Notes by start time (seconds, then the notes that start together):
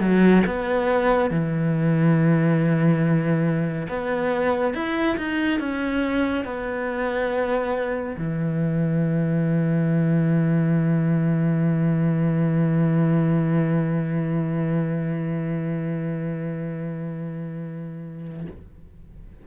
0.00 F#3
0.46 B3
1.31 E3
3.88 B3
4.74 E4
5.17 D#4
5.59 C#4
6.45 B3
8.18 E3